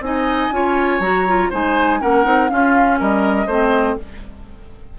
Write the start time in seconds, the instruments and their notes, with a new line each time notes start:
0.00 bassoon C4, clarinet D#4, oboe D#5, flute G#5
0.52 bassoon C#4, clarinet F4, oboe C#5
0.99 bassoon F#3, clarinet F#4, flute A#5
1.27 clarinet F4
1.50 bassoon G#3, clarinet D#4, oboe C5, flute G#5
2.01 bassoon A#3, clarinet C#4, oboe A#4, flute F#5
2.24 bassoon C4, clarinet D#4
2.49 clarinet C#4, bassoon C#4, oboe F4, flute F5
3.00 bassoon G3, oboe A#4, flute D#5
3.46 bassoon A3, clarinet C4, oboe C5